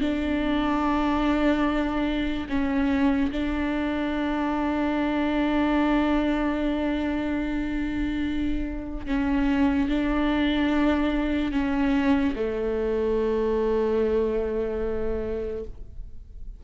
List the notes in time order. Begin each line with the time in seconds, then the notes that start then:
0.00 D4
2.48 C#4
3.31 D4
9.06 C#4
9.88 D4
11.51 C#4
12.35 A3